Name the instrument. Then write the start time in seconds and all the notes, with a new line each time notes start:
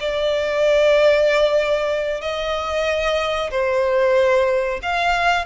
violin
0.00 D5
2.21 D#5
3.51 C5
4.82 F5